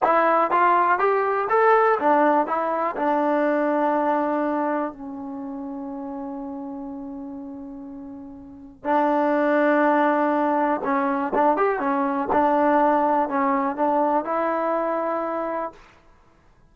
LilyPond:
\new Staff \with { instrumentName = "trombone" } { \time 4/4 \tempo 4 = 122 e'4 f'4 g'4 a'4 | d'4 e'4 d'2~ | d'2 cis'2~ | cis'1~ |
cis'2 d'2~ | d'2 cis'4 d'8 g'8 | cis'4 d'2 cis'4 | d'4 e'2. | }